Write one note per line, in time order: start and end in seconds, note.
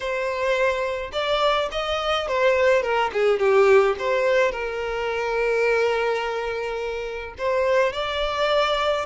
0.00 1.11 C5
1.12 1.69 D5
1.71 2.27 D#5
2.27 2.82 C5
2.82 3.10 A#4
3.12 3.39 G#4
3.39 3.95 G4
3.98 4.51 C5
4.51 7.34 A#4
7.37 7.92 C5
7.92 9.05 D5